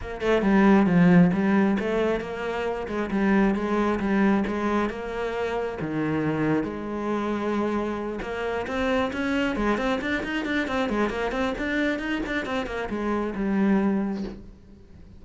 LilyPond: \new Staff \with { instrumentName = "cello" } { \time 4/4 \tempo 4 = 135 ais8 a8 g4 f4 g4 | a4 ais4. gis8 g4 | gis4 g4 gis4 ais4~ | ais4 dis2 gis4~ |
gis2~ gis8 ais4 c'8~ | c'8 cis'4 gis8 c'8 d'8 dis'8 d'8 | c'8 gis8 ais8 c'8 d'4 dis'8 d'8 | c'8 ais8 gis4 g2 | }